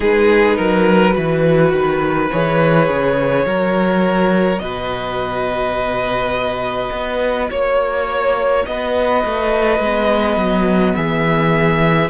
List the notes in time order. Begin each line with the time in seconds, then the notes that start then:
0.00 G#3 D#4 G#4 B4
0.56 F#3 A#4
1.11 E3 F#4 B4
1.72 D#3
2.31 E3 G#4 C#5
2.89 C#3
3.45 F#3 F#4 A#4
4.59 B2 B4 D#5
6.91 B3
7.50 A#3 C#5
8.66 B3 B4 D#5
9.25 A3
9.79 G#3 B3
10.36 F#3
10.95 E3 G#4 E5